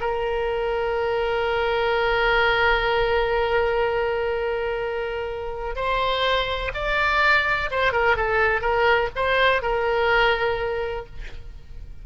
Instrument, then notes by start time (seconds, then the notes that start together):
oboe
0.00 A#4
5.75 C5
6.74 D5
7.70 C5
7.92 A#4
8.16 A4
8.61 A#4
9.15 C5
9.62 A#4